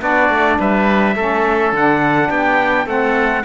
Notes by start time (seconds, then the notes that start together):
0.00 B3 D4 F#4 D5
0.29 A3
0.59 G3 B4 E5
1.15 A3 C#4 A4
1.72 D3 D4 F#5
2.28 B3 G4 G5
2.86 A3 C4 A4 F#5